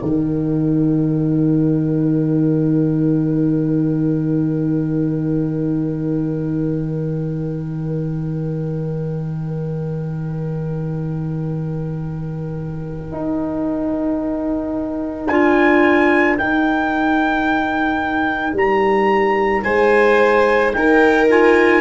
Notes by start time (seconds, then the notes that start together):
0.00 D#3 D#4 A#4 G5
13.12 D#4
15.28 D4 F4 G#5
16.38 D#4 G5
18.53 G3 A#5
19.63 G#3 C5 G#5
20.73 D#4 A#4 G5
21.29 F4 G#5